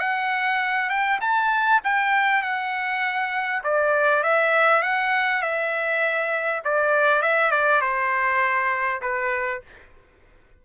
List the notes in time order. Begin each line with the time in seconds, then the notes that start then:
0.00 F#5
0.90 G5
1.21 A5
1.84 G5
2.43 F#5
3.64 D5
4.23 E5
4.83 F#5
5.42 E5
6.65 D5
7.22 E5
7.52 D5
7.81 C5
9.02 B4